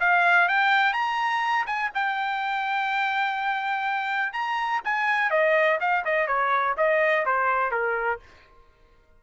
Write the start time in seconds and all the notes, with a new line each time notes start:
0.00 F5
0.48 G5
0.93 A#5
1.66 G#5
1.94 G5
4.33 A#5
4.85 G#5
5.30 D#5
5.80 F5
6.05 D#5
6.27 C#5
6.77 D#5
7.25 C5
7.71 A#4